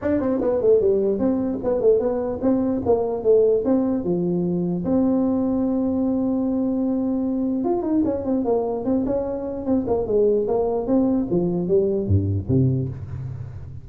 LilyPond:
\new Staff \with { instrumentName = "tuba" } { \time 4/4 \tempo 4 = 149 d'8 c'8 b8 a8 g4 c'4 | b8 a8 b4 c'4 ais4 | a4 c'4 f2 | c'1~ |
c'2. f'8 dis'8 | cis'8 c'8 ais4 c'8 cis'4. | c'8 ais8 gis4 ais4 c'4 | f4 g4 g,4 c4 | }